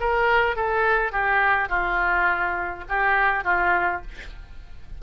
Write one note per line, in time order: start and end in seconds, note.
0.00 0.56 A#4
0.56 1.12 A4
1.12 1.69 G4
1.69 2.84 F4
2.89 3.44 G4
3.44 4.01 F4